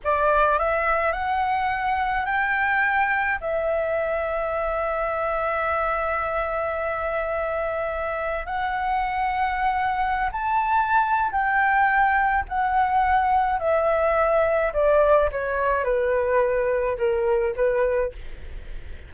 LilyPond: \new Staff \with { instrumentName = "flute" } { \time 4/4 \tempo 4 = 106 d''4 e''4 fis''2 | g''2 e''2~ | e''1~ | e''2. fis''4~ |
fis''2~ fis''16 a''4.~ a''16 | g''2 fis''2 | e''2 d''4 cis''4 | b'2 ais'4 b'4 | }